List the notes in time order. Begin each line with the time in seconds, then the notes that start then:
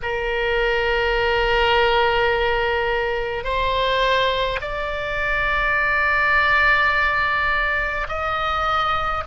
0.02 A#4
3.44 C5
4.61 D5
8.08 D#5